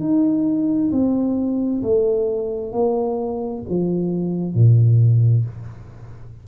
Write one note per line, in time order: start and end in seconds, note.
0.00 0.91 D#4
0.92 1.83 C4
1.83 2.72 A3
2.72 3.63 A#3
3.69 4.54 F3
4.54 5.45 A#2